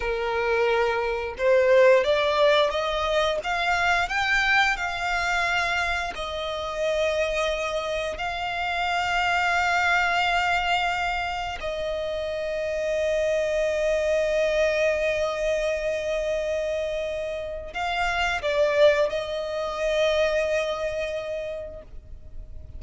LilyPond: \new Staff \with { instrumentName = "violin" } { \time 4/4 \tempo 4 = 88 ais'2 c''4 d''4 | dis''4 f''4 g''4 f''4~ | f''4 dis''2. | f''1~ |
f''4 dis''2.~ | dis''1~ | dis''2 f''4 d''4 | dis''1 | }